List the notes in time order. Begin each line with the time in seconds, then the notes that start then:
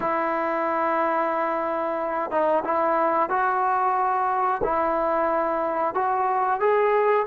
0.00 E4
2.30 D#4
2.64 E4
3.29 F#4
4.63 E4
5.94 F#4
6.60 G#4